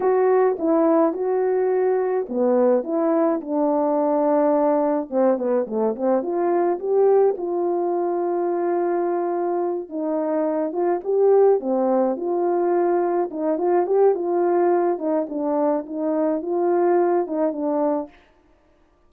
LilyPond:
\new Staff \with { instrumentName = "horn" } { \time 4/4 \tempo 4 = 106 fis'4 e'4 fis'2 | b4 e'4 d'2~ | d'4 c'8 b8 a8 c'8 f'4 | g'4 f'2.~ |
f'4. dis'4. f'8 g'8~ | g'8 c'4 f'2 dis'8 | f'8 g'8 f'4. dis'8 d'4 | dis'4 f'4. dis'8 d'4 | }